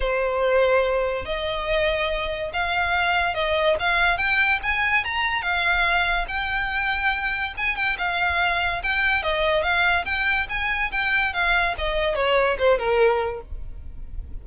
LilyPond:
\new Staff \with { instrumentName = "violin" } { \time 4/4 \tempo 4 = 143 c''2. dis''4~ | dis''2 f''2 | dis''4 f''4 g''4 gis''4 | ais''4 f''2 g''4~ |
g''2 gis''8 g''8 f''4~ | f''4 g''4 dis''4 f''4 | g''4 gis''4 g''4 f''4 | dis''4 cis''4 c''8 ais'4. | }